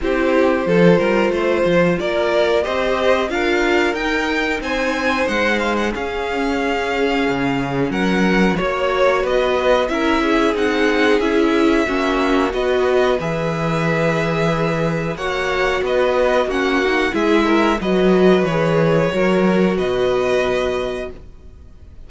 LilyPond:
<<
  \new Staff \with { instrumentName = "violin" } { \time 4/4 \tempo 4 = 91 c''2. d''4 | dis''4 f''4 g''4 gis''4 | fis''8 f''16 fis''16 f''2. | fis''4 cis''4 dis''4 e''4 |
fis''4 e''2 dis''4 | e''2. fis''4 | dis''4 fis''4 e''4 dis''4 | cis''2 dis''2 | }
  \new Staff \with { instrumentName = "violin" } { \time 4/4 g'4 a'8 ais'8 c''4 ais'4 | c''4 ais'2 c''4~ | c''4 gis'2. | ais'4 cis''4 b'4 ais'8 gis'8~ |
gis'2 fis'4 b'4~ | b'2. cis''4 | b'4 fis'4 gis'8 ais'8 b'4~ | b'4 ais'4 b'2 | }
  \new Staff \with { instrumentName = "viola" } { \time 4/4 e'4 f'2. | g'4 f'4 dis'2~ | dis'4 cis'2.~ | cis'4 fis'2 e'4 |
dis'4 e'4 cis'4 fis'4 | gis'2. fis'4~ | fis'4 cis'8 dis'8 e'4 fis'4 | gis'4 fis'2. | }
  \new Staff \with { instrumentName = "cello" } { \time 4/4 c'4 f8 g8 a8 f8 ais4 | c'4 d'4 dis'4 c'4 | gis4 cis'2 cis4 | fis4 ais4 b4 cis'4 |
c'4 cis'4 ais4 b4 | e2. ais4 | b4 ais4 gis4 fis4 | e4 fis4 b,2 | }
>>